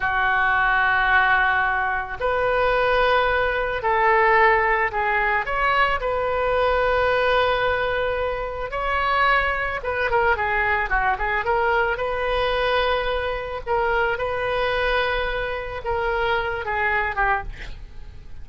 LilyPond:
\new Staff \with { instrumentName = "oboe" } { \time 4/4 \tempo 4 = 110 fis'1 | b'2. a'4~ | a'4 gis'4 cis''4 b'4~ | b'1 |
cis''2 b'8 ais'8 gis'4 | fis'8 gis'8 ais'4 b'2~ | b'4 ais'4 b'2~ | b'4 ais'4. gis'4 g'8 | }